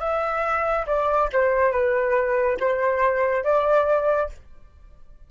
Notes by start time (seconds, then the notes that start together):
0.00 E5
0.87 D5
1.33 C5
1.72 B4
2.60 C5
3.44 D5